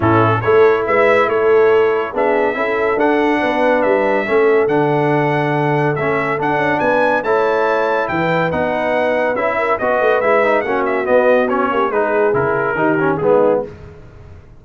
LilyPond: <<
  \new Staff \with { instrumentName = "trumpet" } { \time 4/4 \tempo 4 = 141 a'4 cis''4 e''4 cis''4~ | cis''4 e''2 fis''4~ | fis''4 e''2 fis''4~ | fis''2 e''4 fis''4 |
gis''4 a''2 g''4 | fis''2 e''4 dis''4 | e''4 fis''8 e''8 dis''4 cis''4 | b'4 ais'2 gis'4 | }
  \new Staff \with { instrumentName = "horn" } { \time 4/4 e'4 a'4 b'4 a'4~ | a'4 gis'4 a'2 | b'2 a'2~ | a'1 |
b'4 cis''2 b'4~ | b'2~ b'8 ais'8 b'4~ | b'4 fis'2~ fis'8 g'8 | gis'2 g'4 dis'4 | }
  \new Staff \with { instrumentName = "trombone" } { \time 4/4 cis'4 e'2.~ | e'4 d'4 e'4 d'4~ | d'2 cis'4 d'4~ | d'2 cis'4 d'4~ |
d'4 e'2. | dis'2 e'4 fis'4 | e'8 dis'8 cis'4 b4 cis'4 | dis'4 e'4 dis'8 cis'8 b4 | }
  \new Staff \with { instrumentName = "tuba" } { \time 4/4 a,4 a4 gis4 a4~ | a4 b4 cis'4 d'4 | b4 g4 a4 d4~ | d2 a4 d'8 cis'8 |
b4 a2 e4 | b2 cis'4 b8 a8 | gis4 ais4 b4. ais8 | gis4 cis4 dis4 gis4 | }
>>